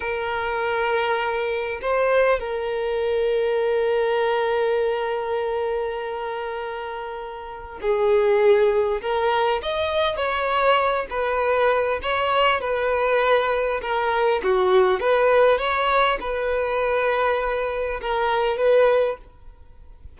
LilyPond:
\new Staff \with { instrumentName = "violin" } { \time 4/4 \tempo 4 = 100 ais'2. c''4 | ais'1~ | ais'1~ | ais'4 gis'2 ais'4 |
dis''4 cis''4. b'4. | cis''4 b'2 ais'4 | fis'4 b'4 cis''4 b'4~ | b'2 ais'4 b'4 | }